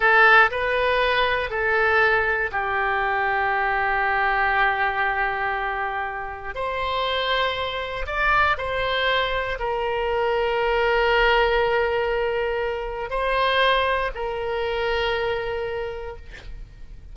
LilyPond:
\new Staff \with { instrumentName = "oboe" } { \time 4/4 \tempo 4 = 119 a'4 b'2 a'4~ | a'4 g'2.~ | g'1~ | g'4 c''2. |
d''4 c''2 ais'4~ | ais'1~ | ais'2 c''2 | ais'1 | }